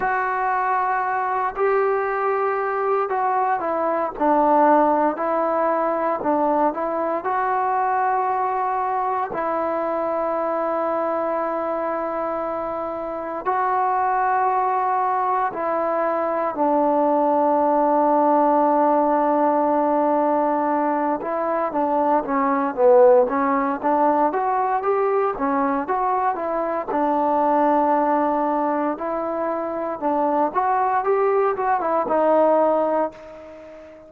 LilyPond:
\new Staff \with { instrumentName = "trombone" } { \time 4/4 \tempo 4 = 58 fis'4. g'4. fis'8 e'8 | d'4 e'4 d'8 e'8 fis'4~ | fis'4 e'2.~ | e'4 fis'2 e'4 |
d'1~ | d'8 e'8 d'8 cis'8 b8 cis'8 d'8 fis'8 | g'8 cis'8 fis'8 e'8 d'2 | e'4 d'8 fis'8 g'8 fis'16 e'16 dis'4 | }